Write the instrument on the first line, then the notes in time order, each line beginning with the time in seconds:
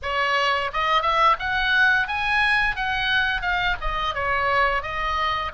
oboe
0.02 C#5
0.73 D#5
1.02 E5
1.39 F#5
2.07 G#5
2.76 F#5
3.41 F5
3.80 D#5
4.14 C#5
4.82 D#5